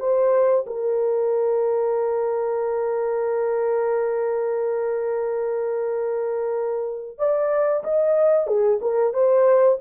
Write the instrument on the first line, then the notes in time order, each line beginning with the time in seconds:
horn
0.00 C5
0.67 A#4
7.18 D5
7.84 D#5
8.47 G#4
8.82 A#4
9.14 C5